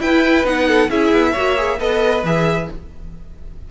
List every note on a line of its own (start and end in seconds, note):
0.00 0.45 E4
0.00 0.44 E4
0.00 0.68 B4
0.00 0.46 G5
0.44 0.89 B3
0.44 0.90 D#4
0.44 0.90 F#5
0.68 0.90 A4
0.90 1.12 C#4
0.90 1.35 E4
0.90 1.32 G#4
0.90 1.80 E5
1.12 1.35 B3
1.32 1.80 A#3
1.32 1.57 F#4
1.32 1.77 C#5
1.57 1.80 G#4
1.80 2.24 B3
1.80 2.25 A4
1.80 2.69 B4
1.80 2.25 D#5
2.24 2.68 E3
2.24 2.70 G#4
2.24 2.71 E5